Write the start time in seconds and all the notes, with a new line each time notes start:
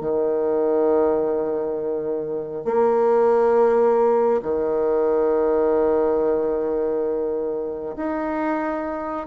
0.00 D#3
2.64 A#3
4.42 D#3
7.96 D#4